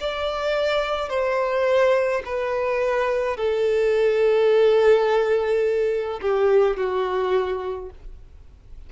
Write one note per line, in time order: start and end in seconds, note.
0.00 1.09 D5
1.09 2.22 C5
2.25 3.37 B4
3.37 6.20 A4
6.21 6.77 G4
6.77 7.90 F#4